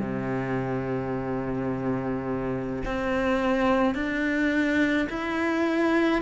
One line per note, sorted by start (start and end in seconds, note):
0.00 2.83 C3
2.85 3.94 C4
3.94 5.07 D4
5.09 6.22 E4